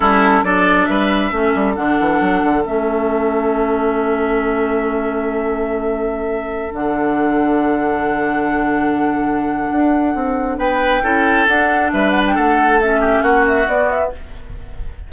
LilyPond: <<
  \new Staff \with { instrumentName = "flute" } { \time 4/4 \tempo 4 = 136 a'4 d''4 e''2 | fis''2 e''2~ | e''1~ | e''2.~ e''16 fis''8.~ |
fis''1~ | fis''1 | g''2 fis''4 e''8 fis''16 g''16 | fis''4 e''4 fis''8 e''8 d''8 e''8 | }
  \new Staff \with { instrumentName = "oboe" } { \time 4/4 e'4 a'4 b'4 a'4~ | a'1~ | a'1~ | a'1~ |
a'1~ | a'1 | b'4 a'2 b'4 | a'4. g'8 fis'2 | }
  \new Staff \with { instrumentName = "clarinet" } { \time 4/4 cis'4 d'2 cis'4 | d'2 cis'2~ | cis'1~ | cis'2.~ cis'16 d'8.~ |
d'1~ | d'1~ | d'4 e'4 d'2~ | d'4 cis'2 b4 | }
  \new Staff \with { instrumentName = "bassoon" } { \time 4/4 g4 fis4 g4 a8 g8 | d8 e8 fis8 d8 a2~ | a1~ | a2.~ a16 d8.~ |
d1~ | d2 d'4 c'4 | b4 cis'4 d'4 g4 | a2 ais4 b4 | }
>>